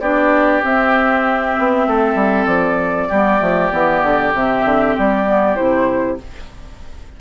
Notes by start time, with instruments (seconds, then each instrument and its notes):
0.00 bassoon B3, clarinet D4, oboe G4, flute D5
0.63 clarinet C4, bassoon C4, flute E5
1.59 bassoon B3
1.87 bassoon A3, oboe A4
2.15 bassoon G3
2.46 bassoon F3, flute D5
3.09 bassoon G3, clarinet B3, oboe G4
3.39 bassoon F3, clarinet A3
3.71 bassoon E3, clarinet B3
4.03 bassoon D3
4.34 bassoon C3, clarinet C4, flute E5
4.65 bassoon D3
4.98 bassoon G3, flute D5
5.26 clarinet B3
5.56 bassoon C3, clarinet E4, flute C5